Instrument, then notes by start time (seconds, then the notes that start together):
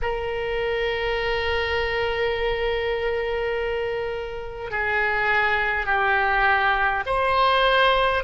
oboe
0.02 A#4
4.71 G#4
5.86 G4
7.06 C5